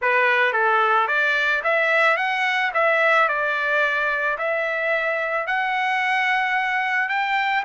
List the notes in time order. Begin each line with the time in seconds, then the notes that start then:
0.01 B4
0.53 A4
1.07 D5
1.63 E5
2.16 F#5
2.73 E5
3.28 D5
4.38 E5
5.47 F#5
7.09 G5